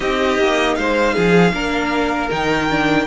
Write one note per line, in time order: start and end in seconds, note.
0.00 0.38 C4
0.00 1.53 D#4
0.00 0.76 G4
0.00 0.75 D#5
0.38 0.76 A#3
0.75 1.15 G#3
0.75 1.13 C5
0.75 2.29 F5
1.13 1.52 F3
1.13 1.52 G#4
1.52 2.29 A#3
1.52 2.30 D4
1.52 3.06 A#4
2.30 3.06 D#3
2.30 2.69 D#4
2.30 3.06 G5
2.70 3.06 D4